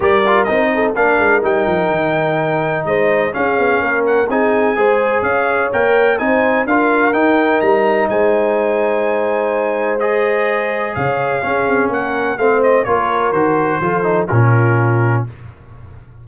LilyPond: <<
  \new Staff \with { instrumentName = "trumpet" } { \time 4/4 \tempo 4 = 126 d''4 dis''4 f''4 g''4~ | g''2 dis''4 f''4~ | f''8 fis''8 gis''2 f''4 | g''4 gis''4 f''4 g''4 |
ais''4 gis''2.~ | gis''4 dis''2 f''4~ | f''4 fis''4 f''8 dis''8 cis''4 | c''2 ais'2 | }
  \new Staff \with { instrumentName = "horn" } { \time 4/4 ais'4. a'8 ais'2~ | ais'2 c''4 gis'4 | ais'4 gis'4 c''4 cis''4~ | cis''4 c''4 ais'2~ |
ais'4 c''2.~ | c''2. cis''4 | gis'4 ais'4 c''4 ais'4~ | ais'4 a'4 f'2 | }
  \new Staff \with { instrumentName = "trombone" } { \time 4/4 g'8 f'8 dis'4 d'4 dis'4~ | dis'2. cis'4~ | cis'4 dis'4 gis'2 | ais'4 dis'4 f'4 dis'4~ |
dis'1~ | dis'4 gis'2. | cis'2 c'4 f'4 | fis'4 f'8 dis'8 cis'2 | }
  \new Staff \with { instrumentName = "tuba" } { \time 4/4 g4 c'4 ais8 gis8 g8 f8 | dis2 gis4 cis'8 b8 | ais4 c'4 gis4 cis'4 | ais4 c'4 d'4 dis'4 |
g4 gis2.~ | gis2. cis4 | cis'8 c'8 ais4 a4 ais4 | dis4 f4 ais,2 | }
>>